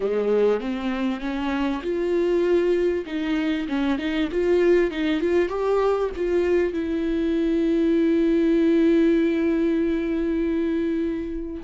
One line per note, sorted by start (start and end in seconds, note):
0.00 0.60 G#3
0.60 1.20 C4
1.20 1.81 C#4
1.82 3.04 F4
3.06 3.67 D#4
3.68 3.98 C#4
3.98 4.29 D#4
4.31 4.90 F4
4.90 5.20 D#4
5.20 5.48 F4
5.48 6.09 G4
6.15 6.73 F4
6.73 11.63 E4